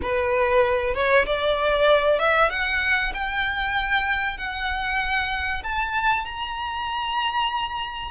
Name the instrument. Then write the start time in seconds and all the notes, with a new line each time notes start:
violin
0.02 B4
0.94 C#5
1.26 D5
2.19 E5
2.50 F#5
3.14 G5
4.38 F#5
5.63 A5
6.25 A#5